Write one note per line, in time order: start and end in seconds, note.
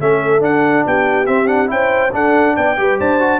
0.00 0.41 A3
0.00 0.40 C#4
0.00 0.87 A4
0.00 0.43 E5
0.40 1.26 D4
0.40 0.84 D4
0.40 0.86 F#5
0.86 1.28 B3
0.86 1.72 G4
0.86 1.26 G5
1.26 1.47 C4
1.26 1.70 C4
1.26 1.47 E5
1.47 1.67 D4
1.47 1.69 F#5
1.67 2.13 C#4
1.67 2.10 E4
1.67 2.14 C5
1.67 2.13 G5
2.12 2.76 D4
2.12 2.56 D4
2.12 2.55 A4
2.12 2.56 F#5
2.55 2.78 B3
2.55 2.76 D5
2.55 2.99 G5
2.77 2.99 G3
2.77 3.20 G4
2.77 2.99 B4
2.99 3.40 D4
2.99 3.40 C5
2.99 3.40 A5
3.20 3.40 F#4